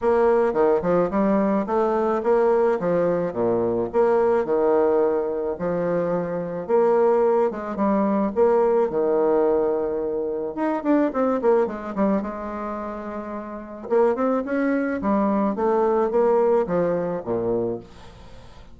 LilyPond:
\new Staff \with { instrumentName = "bassoon" } { \time 4/4 \tempo 4 = 108 ais4 dis8 f8 g4 a4 | ais4 f4 ais,4 ais4 | dis2 f2 | ais4. gis8 g4 ais4 |
dis2. dis'8 d'8 | c'8 ais8 gis8 g8 gis2~ | gis4 ais8 c'8 cis'4 g4 | a4 ais4 f4 ais,4 | }